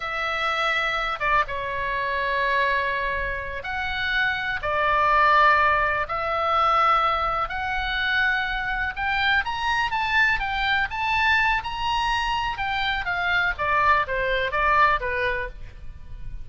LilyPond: \new Staff \with { instrumentName = "oboe" } { \time 4/4 \tempo 4 = 124 e''2~ e''8 d''8 cis''4~ | cis''2.~ cis''8 fis''8~ | fis''4. d''2~ d''8~ | d''8 e''2. fis''8~ |
fis''2~ fis''8 g''4 ais''8~ | ais''8 a''4 g''4 a''4. | ais''2 g''4 f''4 | d''4 c''4 d''4 b'4 | }